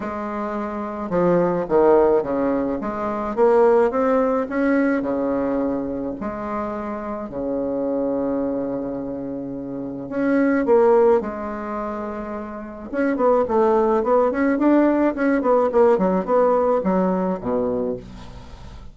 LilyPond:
\new Staff \with { instrumentName = "bassoon" } { \time 4/4 \tempo 4 = 107 gis2 f4 dis4 | cis4 gis4 ais4 c'4 | cis'4 cis2 gis4~ | gis4 cis2.~ |
cis2 cis'4 ais4 | gis2. cis'8 b8 | a4 b8 cis'8 d'4 cis'8 b8 | ais8 fis8 b4 fis4 b,4 | }